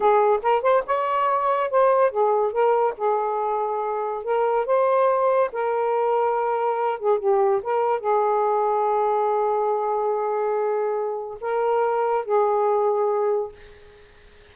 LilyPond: \new Staff \with { instrumentName = "saxophone" } { \time 4/4 \tempo 4 = 142 gis'4 ais'8 c''8 cis''2 | c''4 gis'4 ais'4 gis'4~ | gis'2 ais'4 c''4~ | c''4 ais'2.~ |
ais'8 gis'8 g'4 ais'4 gis'4~ | gis'1~ | gis'2. ais'4~ | ais'4 gis'2. | }